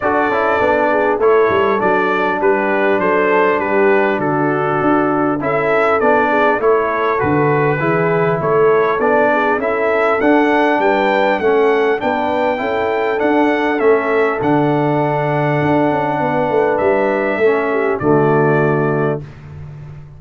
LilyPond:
<<
  \new Staff \with { instrumentName = "trumpet" } { \time 4/4 \tempo 4 = 100 d''2 cis''4 d''4 | b'4 c''4 b'4 a'4~ | a'4 e''4 d''4 cis''4 | b'2 cis''4 d''4 |
e''4 fis''4 g''4 fis''4 | g''2 fis''4 e''4 | fis''1 | e''2 d''2 | }
  \new Staff \with { instrumentName = "horn" } { \time 4/4 a'4. gis'8 a'2 | g'4 a'4 g'4 fis'4~ | fis'4 a'4. gis'8 a'4~ | a'4 gis'4 a'4. gis'8 |
a'2 b'4 a'4 | b'4 a'2.~ | a'2. b'4~ | b'4 a'8 g'8 fis'2 | }
  \new Staff \with { instrumentName = "trombone" } { \time 4/4 fis'8 e'8 d'4 e'4 d'4~ | d'1~ | d'4 e'4 d'4 e'4 | fis'4 e'2 d'4 |
e'4 d'2 cis'4 | d'4 e'4 d'4 cis'4 | d'1~ | d'4 cis'4 a2 | }
  \new Staff \with { instrumentName = "tuba" } { \time 4/4 d'8 cis'8 b4 a8 g8 fis4 | g4 fis4 g4 d4 | d'4 cis'4 b4 a4 | d4 e4 a4 b4 |
cis'4 d'4 g4 a4 | b4 cis'4 d'4 a4 | d2 d'8 cis'8 b8 a8 | g4 a4 d2 | }
>>